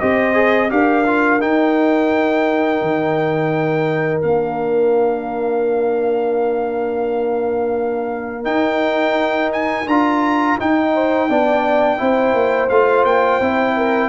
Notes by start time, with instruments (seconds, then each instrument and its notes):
0.00 tuba C4, trombone G4, horn C5, trumpet D#5
0.34 trombone G#4
0.70 tuba D4, trombone G4, horn A#4, trumpet F5
1.06 trombone F4
1.40 trombone D#4, tuba D#4, trumpet G5
2.81 tuba D#3
4.22 tuba A#3, trombone D4, trumpet F5
8.44 trombone D#4, tuba D#4, trumpet G5
9.53 trumpet G#5
9.86 tuba D4, trombone F4, trumpet A#5
10.59 trombone D#4, tuba D#4, trumpet G5
10.94 horn C5
11.29 tuba B3, trombone D4, horn D5
11.98 tuba C4, trombone E4, horn C5
12.34 tuba A#3
12.69 tuba A3, trombone F4, trumpet F5
13.05 tuba A#3, trumpet G5
13.40 tuba C4, trombone E4
13.76 horn A#4